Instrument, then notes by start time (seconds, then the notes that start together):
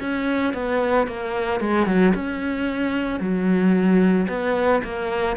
cello
0.00 C#4
0.54 B3
1.07 A#3
1.60 G#3
1.87 F#3
2.14 C#4
3.20 F#3
4.28 B3
4.84 A#3